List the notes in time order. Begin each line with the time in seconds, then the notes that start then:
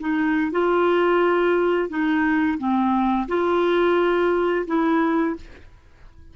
0.00 D#4
0.51 F4
1.89 D#4
2.58 C4
3.28 F4
4.67 E4